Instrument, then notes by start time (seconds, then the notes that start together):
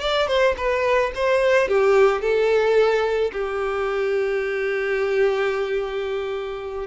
violin
0.00 D5
0.27 C5
0.57 B4
1.15 C5
1.68 G4
2.21 A4
3.32 G4